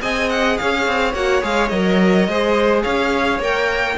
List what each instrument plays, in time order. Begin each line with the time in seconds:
0.00 cello C4, viola G#4, violin D#5 G#5
0.29 violin F#5
0.57 cello C#4, violin C#5 F5
0.87 cello C4
1.14 cello A#3, viola F#4, violin F#5
1.41 cello G#3, viola G#4, violin F5
1.68 cello F#3, viola A#4, violin D#5
2.27 cello G#3, viola G#4, violin C5
2.83 cello C#4, violin C#5 F5
3.39 cello A#3, viola A#4, violin G5